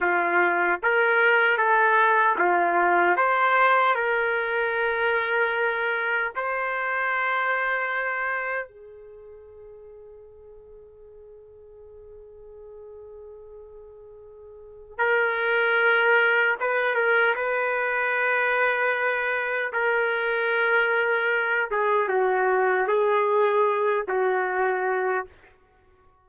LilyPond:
\new Staff \with { instrumentName = "trumpet" } { \time 4/4 \tempo 4 = 76 f'4 ais'4 a'4 f'4 | c''4 ais'2. | c''2. gis'4~ | gis'1~ |
gis'2. ais'4~ | ais'4 b'8 ais'8 b'2~ | b'4 ais'2~ ais'8 gis'8 | fis'4 gis'4. fis'4. | }